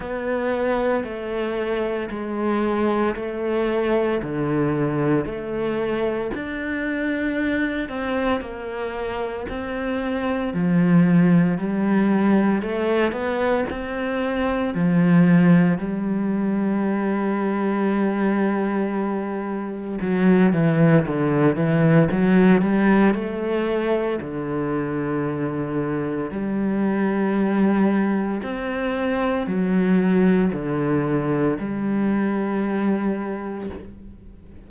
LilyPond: \new Staff \with { instrumentName = "cello" } { \time 4/4 \tempo 4 = 57 b4 a4 gis4 a4 | d4 a4 d'4. c'8 | ais4 c'4 f4 g4 | a8 b8 c'4 f4 g4~ |
g2. fis8 e8 | d8 e8 fis8 g8 a4 d4~ | d4 g2 c'4 | fis4 d4 g2 | }